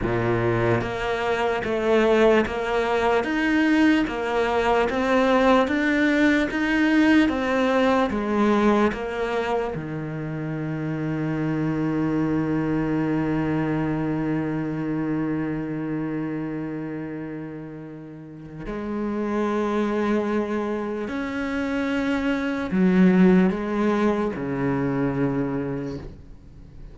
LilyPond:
\new Staff \with { instrumentName = "cello" } { \time 4/4 \tempo 4 = 74 ais,4 ais4 a4 ais4 | dis'4 ais4 c'4 d'4 | dis'4 c'4 gis4 ais4 | dis1~ |
dis1~ | dis2. gis4~ | gis2 cis'2 | fis4 gis4 cis2 | }